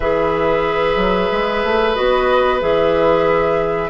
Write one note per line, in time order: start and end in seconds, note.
0.00 0.96 E3
0.00 1.95 G#4
0.00 3.90 B4
0.00 1.94 E5
0.96 1.28 F#3
1.31 1.63 G#3
1.63 1.96 A3
1.94 2.61 B3
1.94 2.60 F#4
1.94 2.60 D#5
2.60 3.90 E3
2.60 3.90 G#4
2.60 3.90 E5